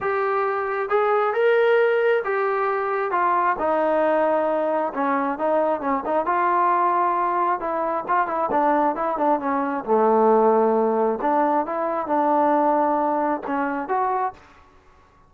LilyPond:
\new Staff \with { instrumentName = "trombone" } { \time 4/4 \tempo 4 = 134 g'2 gis'4 ais'4~ | ais'4 g'2 f'4 | dis'2. cis'4 | dis'4 cis'8 dis'8 f'2~ |
f'4 e'4 f'8 e'8 d'4 | e'8 d'8 cis'4 a2~ | a4 d'4 e'4 d'4~ | d'2 cis'4 fis'4 | }